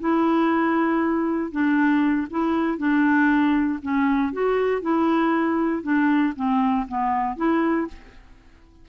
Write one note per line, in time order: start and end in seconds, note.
0.00 1.52 E4
1.52 2.28 D4
2.30 2.78 E4
2.78 3.80 D4
3.83 4.33 C#4
4.33 4.82 F#4
4.82 5.83 E4
5.83 6.34 D4
6.36 6.87 C4
6.88 7.37 B3
7.37 7.88 E4